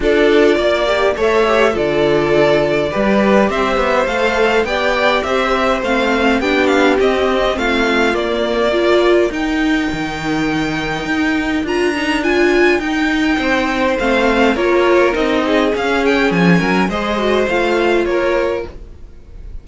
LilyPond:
<<
  \new Staff \with { instrumentName = "violin" } { \time 4/4 \tempo 4 = 103 d''2 e''4 d''4~ | d''2 e''4 f''4 | g''4 e''4 f''4 g''8 f''8 | dis''4 f''4 d''2 |
g''1 | ais''4 gis''4 g''2 | f''4 cis''4 dis''4 f''8 g''8 | gis''4 dis''4 f''4 cis''4 | }
  \new Staff \with { instrumentName = "violin" } { \time 4/4 a'4 d''4 cis''4 a'4~ | a'4 b'4 c''2 | d''4 c''2 g'4~ | g'4 f'2 ais'4~ |
ais'1~ | ais'2. c''4~ | c''4 ais'4. gis'4.~ | gis'8 ais'8 c''2 ais'4 | }
  \new Staff \with { instrumentName = "viola" } { \time 4/4 f'4. g'8 a'8 g'8 f'4~ | f'4 g'2 a'4 | g'2 c'4 d'4 | c'2 ais4 f'4 |
dis'1 | f'8 dis'8 f'4 dis'2 | c'4 f'4 dis'4 cis'4~ | cis'4 gis'8 fis'8 f'2 | }
  \new Staff \with { instrumentName = "cello" } { \time 4/4 d'4 ais4 a4 d4~ | d4 g4 c'8 b8 a4 | b4 c'4 a4 b4 | c'4 a4 ais2 |
dis'4 dis2 dis'4 | d'2 dis'4 c'4 | a4 ais4 c'4 cis'4 | f8 fis8 gis4 a4 ais4 | }
>>